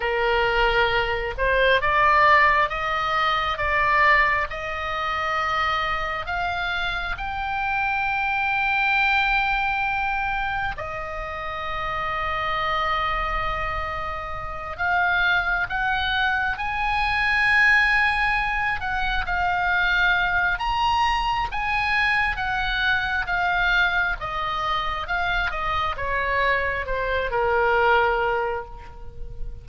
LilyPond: \new Staff \with { instrumentName = "oboe" } { \time 4/4 \tempo 4 = 67 ais'4. c''8 d''4 dis''4 | d''4 dis''2 f''4 | g''1 | dis''1~ |
dis''8 f''4 fis''4 gis''4.~ | gis''4 fis''8 f''4. ais''4 | gis''4 fis''4 f''4 dis''4 | f''8 dis''8 cis''4 c''8 ais'4. | }